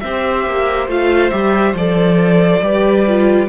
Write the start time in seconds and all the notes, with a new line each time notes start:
0.00 C4 G4 C5 E5
0.47 A#3
0.88 A3 F4 F5
1.31 G3 G4 E5
1.74 F3 A4 D5
2.62 G3 G4 B4
3.08 F4